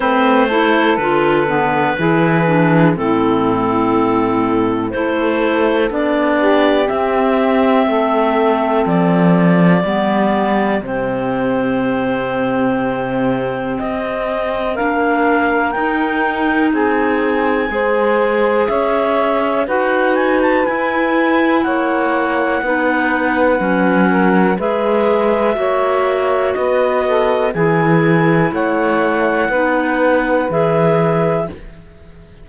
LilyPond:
<<
  \new Staff \with { instrumentName = "clarinet" } { \time 4/4 \tempo 4 = 61 c''4 b'2 a'4~ | a'4 c''4 d''4 e''4~ | e''4 d''2 c''4~ | c''2 dis''4 f''4 |
g''4 gis''2 e''4 | fis''8 gis''16 a''16 gis''4 fis''2~ | fis''4 e''2 dis''4 | gis''4 fis''2 e''4 | }
  \new Staff \with { instrumentName = "saxophone" } { \time 4/4 b'8 a'4. gis'4 e'4~ | e'4 a'4. g'4. | a'2 g'2~ | g'2. ais'4~ |
ais'4 gis'4 c''4 cis''4 | b'2 cis''4 b'4~ | b'8 ais'8 b'4 cis''4 b'8 a'8 | gis'4 cis''4 b'2 | }
  \new Staff \with { instrumentName = "clarinet" } { \time 4/4 c'8 e'8 f'8 b8 e'8 d'8 c'4~ | c'4 e'4 d'4 c'4~ | c'2 b4 c'4~ | c'2. d'4 |
dis'2 gis'2 | fis'4 e'2 dis'4 | cis'4 gis'4 fis'2 | e'2 dis'4 gis'4 | }
  \new Staff \with { instrumentName = "cello" } { \time 4/4 a4 d4 e4 a,4~ | a,4 a4 b4 c'4 | a4 f4 g4 c4~ | c2 c'4 ais4 |
dis'4 c'4 gis4 cis'4 | dis'4 e'4 ais4 b4 | fis4 gis4 ais4 b4 | e4 a4 b4 e4 | }
>>